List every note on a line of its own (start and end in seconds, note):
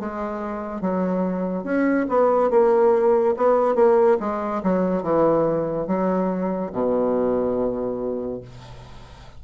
0.00 0.81 G#3
0.81 1.64 F#3
1.64 2.07 C#4
2.09 2.51 B3
2.51 3.35 A#3
3.37 3.75 B3
3.75 4.18 A#3
4.20 4.62 G#3
4.63 5.03 F#3
5.03 5.87 E3
5.87 6.72 F#3
6.73 8.42 B2